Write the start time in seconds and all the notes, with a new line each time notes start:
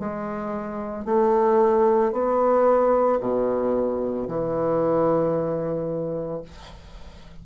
0.00 G#3
1.05 A3
2.13 B3
3.21 B2
4.28 E3